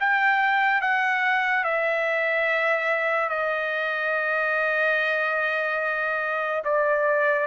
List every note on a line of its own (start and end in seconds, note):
0.00 0.81 G5
0.81 1.64 F#5
1.64 3.29 E5
3.29 6.62 D#5
6.64 7.47 D5